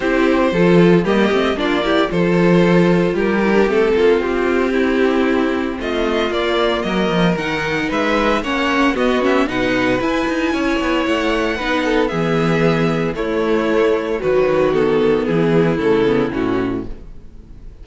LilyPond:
<<
  \new Staff \with { instrumentName = "violin" } { \time 4/4 \tempo 4 = 114 c''2 dis''4 d''4 | c''2 ais'4 a'4 | g'2. dis''4 | d''4 dis''4 fis''4 e''4 |
fis''4 dis''8 e''8 fis''4 gis''4~ | gis''4 fis''2 e''4~ | e''4 cis''2 b'4 | a'4 gis'4 a'4 fis'4 | }
  \new Staff \with { instrumentName = "violin" } { \time 4/4 g'4 a'4 g'4 f'8 g'8 | a'2 g'4. f'8~ | f'4 e'2 f'4~ | f'4 ais'2 b'4 |
cis''4 fis'4 b'2 | cis''2 b'8 a'8 gis'4~ | gis'4 e'2 fis'4~ | fis'4 e'2. | }
  \new Staff \with { instrumentName = "viola" } { \time 4/4 e'4 f'4 ais8 c'8 d'8 e'8 | f'2~ f'8 e'16 d'16 c'4~ | c'1 | ais2 dis'2 |
cis'4 b8 cis'8 dis'4 e'4~ | e'2 dis'4 b4~ | b4 a2 fis4 | b2 a8 b8 cis'4 | }
  \new Staff \with { instrumentName = "cello" } { \time 4/4 c'4 f4 g8 a8 ais4 | f2 g4 a8 ais8 | c'2. a4 | ais4 fis8 f8 dis4 gis4 |
ais4 b4 b,4 e'8 dis'8 | cis'8 b8 a4 b4 e4~ | e4 a2 dis4~ | dis4 e4 cis4 a,4 | }
>>